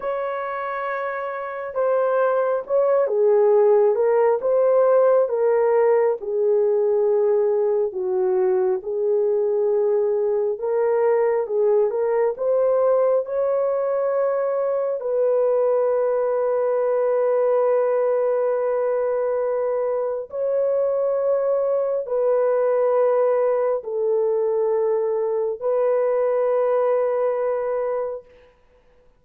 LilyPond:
\new Staff \with { instrumentName = "horn" } { \time 4/4 \tempo 4 = 68 cis''2 c''4 cis''8 gis'8~ | gis'8 ais'8 c''4 ais'4 gis'4~ | gis'4 fis'4 gis'2 | ais'4 gis'8 ais'8 c''4 cis''4~ |
cis''4 b'2.~ | b'2. cis''4~ | cis''4 b'2 a'4~ | a'4 b'2. | }